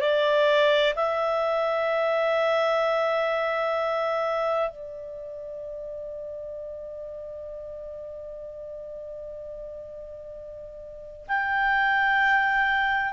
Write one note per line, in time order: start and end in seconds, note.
0.00 0.94 D5
0.95 4.70 E5
4.70 11.26 D5
11.28 13.13 G5